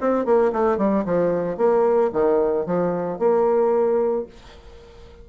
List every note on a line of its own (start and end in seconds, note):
0.00 0.25 C4
0.25 0.52 A#3
0.52 0.77 A3
0.77 1.04 G3
1.05 1.57 F3
1.57 2.10 A#3
2.13 2.66 D#3
2.66 3.19 F3
3.19 4.26 A#3